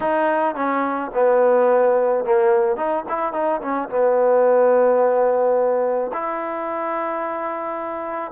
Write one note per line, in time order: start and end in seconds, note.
0.00 0.55 D#4
0.55 1.10 C#4
1.14 2.24 B3
2.24 2.76 A#3
2.76 3.04 D#4
3.08 3.33 E4
3.33 3.60 D#4
3.61 3.88 C#4
3.89 6.11 B3
6.13 8.31 E4